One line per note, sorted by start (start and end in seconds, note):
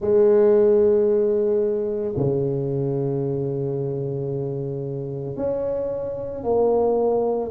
0.00 2.14 G#3
2.16 5.36 C#3
5.36 6.43 C#4
6.43 7.50 A#3